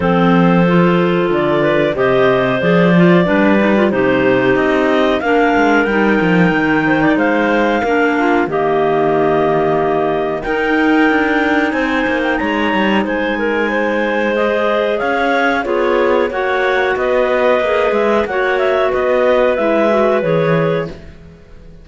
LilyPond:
<<
  \new Staff \with { instrumentName = "clarinet" } { \time 4/4 \tempo 4 = 92 c''2 d''4 dis''4 | d''2 c''4 dis''4 | f''4 g''2 f''4~ | f''4 dis''2. |
g''2 gis''8. g''16 ais''4 | gis''2 dis''4 f''4 | cis''4 fis''4 dis''4. e''8 | fis''8 e''8 dis''4 e''4 cis''4 | }
  \new Staff \with { instrumentName = "clarinet" } { \time 4/4 a'2~ a'8 b'8 c''4~ | c''4 b'4 g'2 | ais'2~ ais'8 c''16 d''16 c''4 | ais'8 f'8 g'2. |
ais'2 c''4 cis''4 | c''8 ais'8 c''2 cis''4 | gis'4 cis''4 b'2 | cis''4 b'2. | }
  \new Staff \with { instrumentName = "clarinet" } { \time 4/4 c'4 f'2 g'4 | gis'8 f'8 d'8 dis'16 f'16 dis'2 | d'4 dis'2. | d'4 ais2. |
dis'1~ | dis'2 gis'2 | f'4 fis'2 gis'4 | fis'2 e'8 fis'8 gis'4 | }
  \new Staff \with { instrumentName = "cello" } { \time 4/4 f2 d4 c4 | f4 g4 c4 c'4 | ais8 gis8 g8 f8 dis4 gis4 | ais4 dis2. |
dis'4 d'4 c'8 ais8 gis8 g8 | gis2. cis'4 | b4 ais4 b4 ais8 gis8 | ais4 b4 gis4 e4 | }
>>